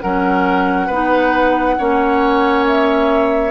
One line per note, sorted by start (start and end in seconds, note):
0.00 0.88 F#3
0.00 0.89 C#4
0.00 0.86 A#4
0.00 2.65 F#5
0.86 1.76 B3
0.86 1.78 D#4
0.86 1.74 B4
1.78 3.51 A#3
1.78 3.51 C#4
1.78 3.51 C#5
2.66 3.51 E5